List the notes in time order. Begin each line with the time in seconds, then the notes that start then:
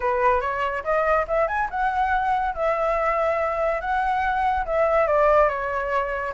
0.00 B4
0.41 C#5
0.84 D#5
1.27 E5
1.47 G#5
1.70 F#5
2.54 E5
3.80 F#5
4.65 E5
5.07 D5
5.48 C#5